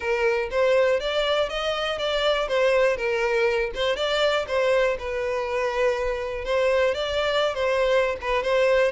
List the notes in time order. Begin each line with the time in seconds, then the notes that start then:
0.00 A#4
0.50 C5
1.00 D5
1.49 D#5
1.98 D5
2.47 C5
2.96 A#4
3.74 C5
3.96 D5
4.47 C5
4.98 B4
6.44 C5
6.94 D5
7.54 C5
8.21 B4
8.43 C5